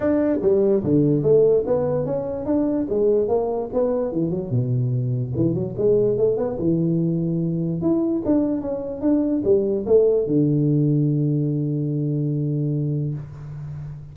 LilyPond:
\new Staff \with { instrumentName = "tuba" } { \time 4/4 \tempo 4 = 146 d'4 g4 d4 a4 | b4 cis'4 d'4 gis4 | ais4 b4 e8 fis8 b,4~ | b,4 e8 fis8 gis4 a8 b8 |
e2. e'4 | d'4 cis'4 d'4 g4 | a4 d2.~ | d1 | }